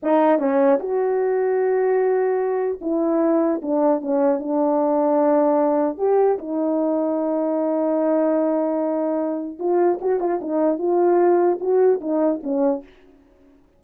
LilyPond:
\new Staff \with { instrumentName = "horn" } { \time 4/4 \tempo 4 = 150 dis'4 cis'4 fis'2~ | fis'2. e'4~ | e'4 d'4 cis'4 d'4~ | d'2. g'4 |
dis'1~ | dis'1 | f'4 fis'8 f'8 dis'4 f'4~ | f'4 fis'4 dis'4 cis'4 | }